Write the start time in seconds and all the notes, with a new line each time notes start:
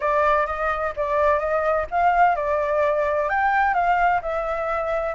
0.00 D5
0.46 D#5
0.96 D5
1.39 D#5
1.90 F5
2.35 D5
3.29 G5
3.74 F5
4.21 E5